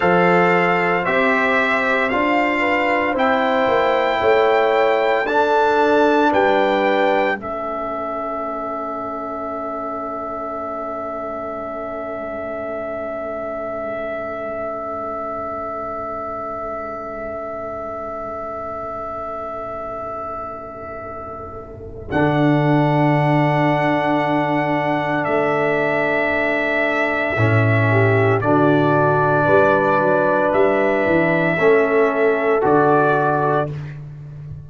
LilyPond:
<<
  \new Staff \with { instrumentName = "trumpet" } { \time 4/4 \tempo 4 = 57 f''4 e''4 f''4 g''4~ | g''4 a''4 g''4 e''4~ | e''1~ | e''1~ |
e''1~ | e''4 fis''2. | e''2. d''4~ | d''4 e''2 d''4 | }
  \new Staff \with { instrumentName = "horn" } { \time 4/4 c''2~ c''8 b'8 c''4 | cis''4 a'4 b'4 a'4~ | a'1~ | a'1~ |
a'1~ | a'1~ | a'2~ a'8 g'8 fis'4 | b'2 a'2 | }
  \new Staff \with { instrumentName = "trombone" } { \time 4/4 a'4 g'4 f'4 e'4~ | e'4 d'2 cis'4~ | cis'1~ | cis'1~ |
cis'1~ | cis'4 d'2.~ | d'2 cis'4 d'4~ | d'2 cis'4 fis'4 | }
  \new Staff \with { instrumentName = "tuba" } { \time 4/4 f4 c'4 d'4 c'8 ais8 | a4 d'4 g4 a4~ | a1~ | a1~ |
a1~ | a4 d2. | a2 a,4 d4 | g8 fis8 g8 e8 a4 d4 | }
>>